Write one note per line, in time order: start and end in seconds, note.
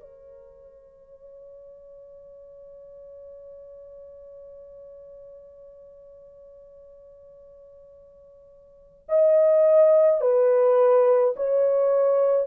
0.00 9.06 C#5
9.09 10.20 D#5
10.20 11.34 B4
11.36 12.46 C#5